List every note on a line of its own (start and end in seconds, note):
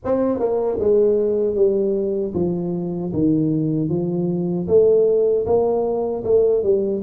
0.05 0.39 C4
0.39 0.78 A#3
0.79 1.55 G#3
1.55 2.33 G3
2.34 3.12 F3
3.13 3.89 D#3
3.89 4.67 F3
4.68 5.45 A3
5.45 6.23 A#3
6.24 6.63 A3
6.63 7.02 G3